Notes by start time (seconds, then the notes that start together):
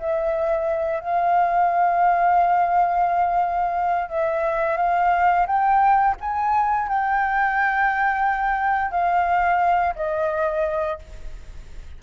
0.00 E5
1.00 F5
4.09 E5
4.77 F5
5.47 G5
6.21 G#5
6.88 G5
8.91 F5
9.96 D#5